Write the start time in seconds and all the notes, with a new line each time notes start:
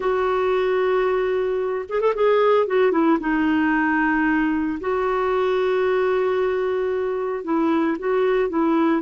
0.00 F#4
1.88 G#4
2.00 A4
2.14 G#4
2.67 F#4
2.91 E4
3.20 D#4
4.80 F#4
7.44 E4
7.98 F#4
8.49 E4